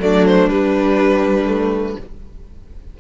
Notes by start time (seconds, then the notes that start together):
0.00 F#3 A3 D4 D5
0.27 C5
0.48 G3 B4
1.46 A3